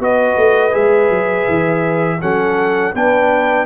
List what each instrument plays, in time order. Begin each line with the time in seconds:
0.00 tuba B3, trombone F#4, horn B4, trumpet D#5
0.37 tuba A3
0.72 tuba G#3, trombone G#4, trumpet E5
1.10 tuba F#3
1.49 tuba E3
2.21 tuba F#3, trombone C#4, horn A4, trumpet F#5
2.94 tuba B3, trombone D4, horn B4, trumpet G5